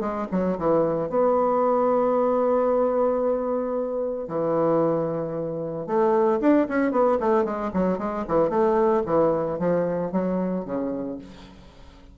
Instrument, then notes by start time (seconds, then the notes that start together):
bassoon
0.00 G#3
0.31 F#3
0.58 E3
1.09 B3
4.28 E3
5.86 A3
6.41 D4
6.69 C#4
6.91 B3
7.19 A3
7.44 G#3
7.74 F#3
7.98 G#3
8.28 E3
8.49 A3
9.06 E3
9.59 F3
10.12 F#3
10.65 C#3